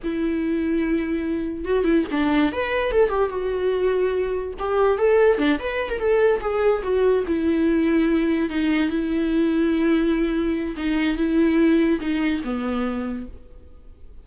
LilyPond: \new Staff \with { instrumentName = "viola" } { \time 4/4 \tempo 4 = 145 e'1 | fis'8 e'8 d'4 b'4 a'8 g'8 | fis'2. g'4 | a'4 d'8 b'8. ais'16 a'4 gis'8~ |
gis'8 fis'4 e'2~ e'8~ | e'8 dis'4 e'2~ e'8~ | e'2 dis'4 e'4~ | e'4 dis'4 b2 | }